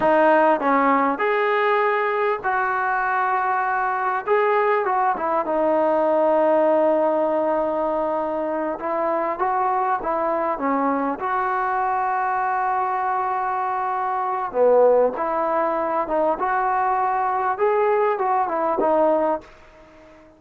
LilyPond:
\new Staff \with { instrumentName = "trombone" } { \time 4/4 \tempo 4 = 99 dis'4 cis'4 gis'2 | fis'2. gis'4 | fis'8 e'8 dis'2.~ | dis'2~ dis'8 e'4 fis'8~ |
fis'8 e'4 cis'4 fis'4.~ | fis'1 | b4 e'4. dis'8 fis'4~ | fis'4 gis'4 fis'8 e'8 dis'4 | }